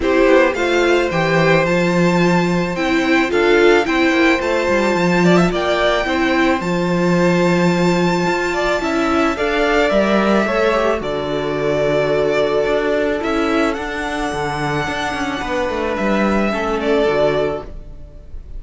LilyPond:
<<
  \new Staff \with { instrumentName = "violin" } { \time 4/4 \tempo 4 = 109 c''4 f''4 g''4 a''4~ | a''4 g''4 f''4 g''4 | a''2 g''2 | a''1~ |
a''4 f''4 e''2 | d''1 | e''4 fis''2.~ | fis''4 e''4. d''4. | }
  \new Staff \with { instrumentName = "violin" } { \time 4/4 g'4 c''2.~ | c''2 a'4 c''4~ | c''4. d''16 e''16 d''4 c''4~ | c''2.~ c''8 d''8 |
e''4 d''2 cis''4 | a'1~ | a'1 | b'2 a'2 | }
  \new Staff \with { instrumentName = "viola" } { \time 4/4 e'4 f'4 g'4 f'4~ | f'4 e'4 f'4 e'4 | f'2. e'4 | f'1 |
e'4 a'4 ais'4 a'8 g'8 | fis'1 | e'4 d'2.~ | d'2 cis'4 fis'4 | }
  \new Staff \with { instrumentName = "cello" } { \time 4/4 c'8 b8 a4 e4 f4~ | f4 c'4 d'4 c'8 ais8 | a8 g8 f4 ais4 c'4 | f2. f'4 |
cis'4 d'4 g4 a4 | d2. d'4 | cis'4 d'4 d4 d'8 cis'8 | b8 a8 g4 a4 d4 | }
>>